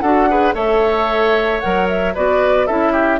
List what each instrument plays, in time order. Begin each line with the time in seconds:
0.00 bassoon D4, clarinet F#4, oboe A4, flute F#5
0.30 clarinet G#4, oboe B4
0.54 bassoon A3, clarinet A4, oboe C#5, flute E5
1.60 bassoon F#3, clarinet A#4, flute F#5
1.88 flute E5
2.14 bassoon B3, clarinet F#4, oboe B4, flute D5
2.67 bassoon C#4, clarinet E4, oboe A4, flute E5
2.92 oboe G4